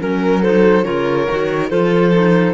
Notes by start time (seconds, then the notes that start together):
0.00 F#3 C#4 A#4
0.42 D#4 A4 C5
0.84 C#3 F4 A#4 C#5
1.30 D#3 F#4
1.70 F3 F4 A4 C5
2.14 D#4